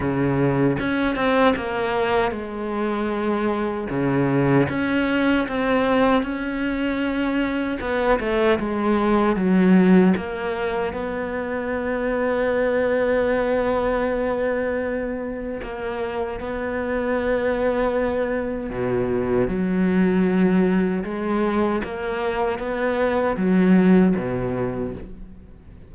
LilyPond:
\new Staff \with { instrumentName = "cello" } { \time 4/4 \tempo 4 = 77 cis4 cis'8 c'8 ais4 gis4~ | gis4 cis4 cis'4 c'4 | cis'2 b8 a8 gis4 | fis4 ais4 b2~ |
b1 | ais4 b2. | b,4 fis2 gis4 | ais4 b4 fis4 b,4 | }